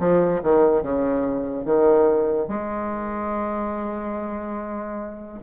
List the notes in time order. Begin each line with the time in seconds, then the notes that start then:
0.00 F3
0.43 D#3
0.83 C#3
1.66 D#3
2.48 G#3